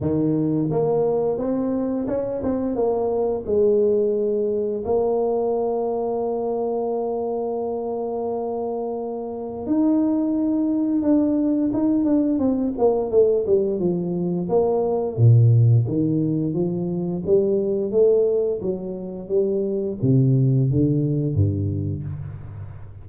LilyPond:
\new Staff \with { instrumentName = "tuba" } { \time 4/4 \tempo 4 = 87 dis4 ais4 c'4 cis'8 c'8 | ais4 gis2 ais4~ | ais1~ | ais2 dis'2 |
d'4 dis'8 d'8 c'8 ais8 a8 g8 | f4 ais4 ais,4 dis4 | f4 g4 a4 fis4 | g4 c4 d4 g,4 | }